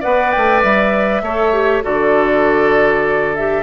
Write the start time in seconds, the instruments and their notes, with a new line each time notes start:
0.00 bassoon B3, clarinet B4, oboe D5, flute F#5
0.31 bassoon A3, flute G5
0.63 bassoon G3, flute E5
1.22 bassoon A3, clarinet A4, oboe C#5
1.53 clarinet G4
1.83 bassoon D3, clarinet F#4, oboe A4, flute D5
3.35 clarinet G4, flute E5